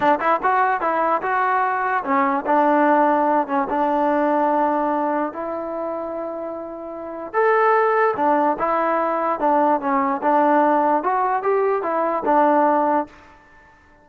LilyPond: \new Staff \with { instrumentName = "trombone" } { \time 4/4 \tempo 4 = 147 d'8 e'8 fis'4 e'4 fis'4~ | fis'4 cis'4 d'2~ | d'8 cis'8 d'2.~ | d'4 e'2.~ |
e'2 a'2 | d'4 e'2 d'4 | cis'4 d'2 fis'4 | g'4 e'4 d'2 | }